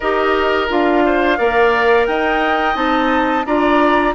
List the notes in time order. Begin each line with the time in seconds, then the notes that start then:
0.00 D#4 G4 A#4 D#5
0.69 D4 F4 F5
1.05 C5
1.37 A#3 A#4 D5
2.06 D#4 D#5 G5
2.74 C4 D#4 A5
3.45 D4 F4 D5 A#5